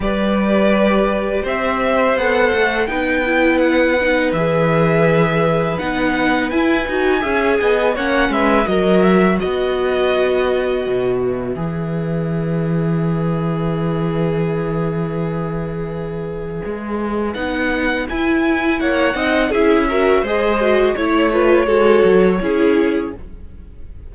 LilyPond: <<
  \new Staff \with { instrumentName = "violin" } { \time 4/4 \tempo 4 = 83 d''2 e''4 fis''4 | g''4 fis''4 e''2 | fis''4 gis''2 fis''8 e''8 | dis''8 e''8 dis''2~ dis''8 e''8~ |
e''1~ | e''1 | fis''4 gis''4 fis''4 e''4 | dis''4 cis''2. | }
  \new Staff \with { instrumentName = "violin" } { \time 4/4 b'2 c''2 | b'1~ | b'2 e''8 dis''8 cis''8 b'8 | ais'4 b'2.~ |
b'1~ | b'1~ | b'2 cis''8 dis''8 gis'8 ais'8 | c''4 cis''8 b'8 a'4 gis'4 | }
  \new Staff \with { instrumentName = "viola" } { \time 4/4 g'2. a'4 | dis'8 e'4 dis'8 gis'2 | dis'4 e'8 fis'8 gis'4 cis'4 | fis'1 |
gis'1~ | gis'1 | dis'4 e'4. dis'8 e'8 fis'8 | gis'8 fis'8 e'8 f'8 fis'4 e'4 | }
  \new Staff \with { instrumentName = "cello" } { \time 4/4 g2 c'4 b8 a8 | b2 e2 | b4 e'8 dis'8 cis'8 b8 ais8 gis8 | fis4 b2 b,4 |
e1~ | e2. gis4 | b4 e'4 ais8 c'8 cis'4 | gis4 a4 gis8 fis8 cis'4 | }
>>